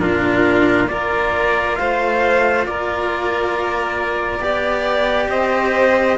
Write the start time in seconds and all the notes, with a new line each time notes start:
0.00 A#2 D4 F4 A#4
0.88 A#3 F4 A#4 D5
1.76 A3 C5 F5
2.66 A#3 A#4 D5
4.40 B3 G4 D5
5.29 C4 C5 D#5